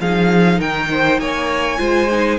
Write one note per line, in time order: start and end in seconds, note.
0.00 0.60 F3
0.00 1.78 D#4
0.00 0.58 G#4
0.00 0.60 F5
0.58 1.19 D#3
0.58 0.88 A#4
0.58 1.20 G5
0.91 1.21 C5
1.19 1.79 A#3
1.19 1.80 C#5
1.19 2.39 G#5
1.78 2.39 G#3
1.78 2.08 F4
1.78 2.39 C5
2.12 2.39 D#4